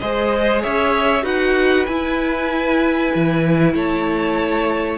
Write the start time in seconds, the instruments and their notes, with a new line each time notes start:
0.00 cello G#3, viola G#4, violin C5 D#5
0.62 cello C#4, violin C#5 E5
1.23 cello D#4, viola F#4, violin B4 F#5
1.86 cello E4, viola E4, violin G#5
3.15 cello E3
3.75 cello A3, violin C#5 A5